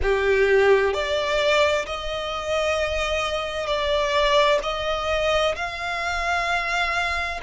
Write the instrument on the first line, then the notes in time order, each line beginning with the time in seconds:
violin
0.02 G4
0.93 D5
1.86 D#5
3.66 D5
4.62 D#5
5.55 F5